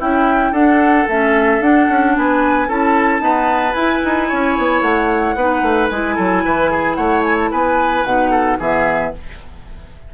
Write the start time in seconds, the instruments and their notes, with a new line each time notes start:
0.00 bassoon C#4, oboe E4, clarinet E4, flute G5
0.52 bassoon D4, clarinet D4, oboe A4, flute F#5
1.08 bassoon A3, clarinet C#4, flute E5
1.61 bassoon D4, clarinet D4, flute F#5
1.90 bassoon C#4
2.17 bassoon B3, oboe B4, flute G#5
2.68 bassoon C#4, clarinet E4, oboe A4, flute A5
3.20 clarinet B3, bassoon D#4, oboe B4
3.74 bassoon E4, clarinet E4, flute G#5
4.05 bassoon D#4
4.29 bassoon C#4, oboe C#5
4.58 bassoon B3
4.82 bassoon A3, flute F#5
5.36 bassoon B3, clarinet D#4, oboe B4
5.63 bassoon A3
5.90 bassoon G#3, clarinet E4, flute G#5
6.16 bassoon F#3, oboe A4
6.45 bassoon E3, oboe B4
6.71 oboe G#4
6.95 bassoon A3, oboe C#5, flute F#5
7.23 flute G#5
7.38 flute A5
7.51 bassoon B3, oboe B4, flute G#5
8.05 bassoon B2, clarinet D#4, flute F#5
8.31 oboe A4
8.59 bassoon E3, clarinet B3, oboe G#4, flute E5